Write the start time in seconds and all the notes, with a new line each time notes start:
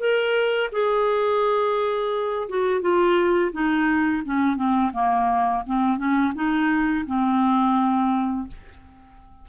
0.00 A#4
0.73 G#4
2.49 F#4
2.82 F4
3.53 D#4
4.25 C#4
4.57 C4
4.93 A#3
5.67 C4
5.98 C#4
6.35 D#4
7.07 C4